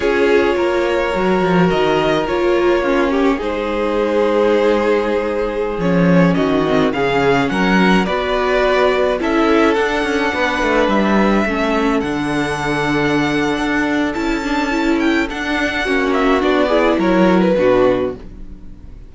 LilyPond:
<<
  \new Staff \with { instrumentName = "violin" } { \time 4/4 \tempo 4 = 106 cis''2. dis''4 | cis''2 c''2~ | c''2~ c''16 cis''4 dis''8.~ | dis''16 f''4 fis''4 d''4.~ d''16~ |
d''16 e''4 fis''2 e''8.~ | e''4~ e''16 fis''2~ fis''8.~ | fis''4 a''4. g''8 fis''4~ | fis''8 e''8 d''4 cis''8. b'4~ b'16 | }
  \new Staff \with { instrumentName = "violin" } { \time 4/4 gis'4 ais'2.~ | ais'4 f'8 g'8 gis'2~ | gis'2.~ gis'16 fis'8.~ | fis'16 gis'4 ais'4 b'4.~ b'16~ |
b'16 a'2 b'4.~ b'16~ | b'16 a'2.~ a'8.~ | a'1 | fis'4. gis'8 ais'4 fis'4 | }
  \new Staff \with { instrumentName = "viola" } { \time 4/4 f'2 fis'2 | f'4 cis'4 dis'2~ | dis'2~ dis'16 cis'4. c'16~ | c'16 cis'2 fis'4.~ fis'16~ |
fis'16 e'4 d'2~ d'8.~ | d'16 cis'4 d'2~ d'8.~ | d'4 e'8 d'8 e'4 d'4 | cis'4 d'8 e'4. d'4 | }
  \new Staff \with { instrumentName = "cello" } { \time 4/4 cis'4 ais4 fis8 f8 dis4 | ais2 gis2~ | gis2~ gis16 f4 dis8.~ | dis16 cis4 fis4 b4.~ b16~ |
b16 cis'4 d'8 cis'8 b8 a8 g8.~ | g16 a4 d2~ d8. | d'4 cis'2 d'4 | ais4 b4 fis4 b,4 | }
>>